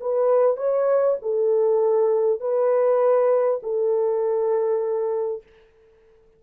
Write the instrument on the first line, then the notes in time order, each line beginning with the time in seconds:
horn
0.00 B4
0.56 C#5
1.22 A4
2.40 B4
3.62 A4